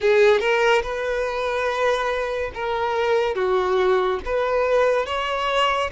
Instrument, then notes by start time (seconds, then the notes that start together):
violin
0.00 G#4
0.40 A#4
0.82 B4
2.54 A#4
3.35 F#4
4.25 B4
5.06 C#5